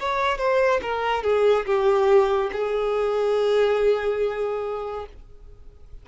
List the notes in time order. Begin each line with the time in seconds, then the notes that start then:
0.00 C#5
0.38 C5
0.82 A#4
1.23 G#4
1.66 G4
2.52 G#4